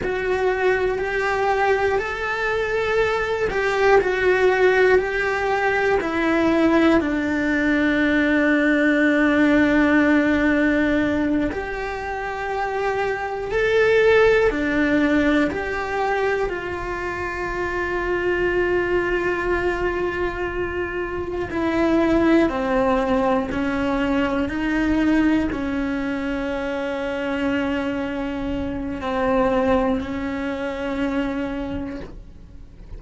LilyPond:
\new Staff \with { instrumentName = "cello" } { \time 4/4 \tempo 4 = 60 fis'4 g'4 a'4. g'8 | fis'4 g'4 e'4 d'4~ | d'2.~ d'8 g'8~ | g'4. a'4 d'4 g'8~ |
g'8 f'2.~ f'8~ | f'4. e'4 c'4 cis'8~ | cis'8 dis'4 cis'2~ cis'8~ | cis'4 c'4 cis'2 | }